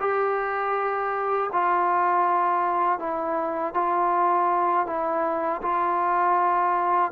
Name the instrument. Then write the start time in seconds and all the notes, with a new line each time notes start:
trombone
0.00 G4
1.52 F4
2.99 E4
3.74 F4
4.86 E4
5.62 F4